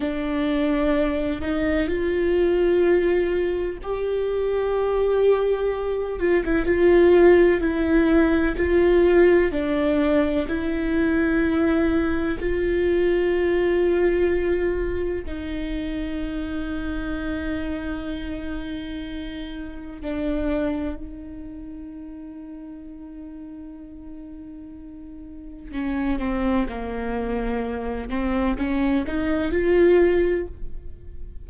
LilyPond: \new Staff \with { instrumentName = "viola" } { \time 4/4 \tempo 4 = 63 d'4. dis'8 f'2 | g'2~ g'8 f'16 e'16 f'4 | e'4 f'4 d'4 e'4~ | e'4 f'2. |
dis'1~ | dis'4 d'4 dis'2~ | dis'2. cis'8 c'8 | ais4. c'8 cis'8 dis'8 f'4 | }